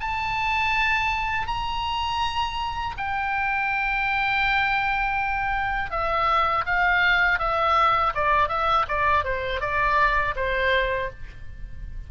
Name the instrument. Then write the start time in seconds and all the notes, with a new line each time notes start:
oboe
0.00 A5
1.47 A#5
2.97 G5
5.90 E5
6.66 F5
7.39 E5
8.14 D5
8.48 E5
8.88 D5
9.24 C5
9.60 D5
10.35 C5